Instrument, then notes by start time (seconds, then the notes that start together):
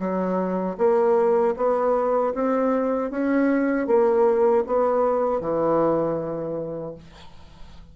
bassoon
0.00 F#3
0.78 A#3
1.57 B3
2.35 C4
3.11 C#4
3.87 A#3
4.67 B3
5.41 E3